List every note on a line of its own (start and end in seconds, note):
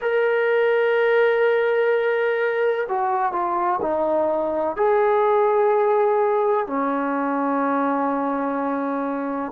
0.01 2.87 A#4
2.88 3.32 F#4
3.32 3.80 F4
3.81 4.76 D#4
4.76 6.67 G#4
6.67 9.52 C#4